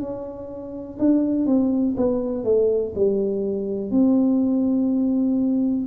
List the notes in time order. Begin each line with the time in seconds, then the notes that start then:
0.00 C#4
0.99 D4
1.46 C4
1.97 B3
2.44 A3
2.95 G3
3.91 C4